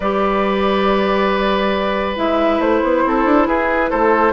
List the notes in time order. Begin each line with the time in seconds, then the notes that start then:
0.00 G3 G4 B4 D5
2.16 G#3 E4 E5
2.59 A3 C5
2.83 B3
3.05 C4 A4
3.25 D4
3.47 E4 G#4 B4
3.89 A3 A4 C5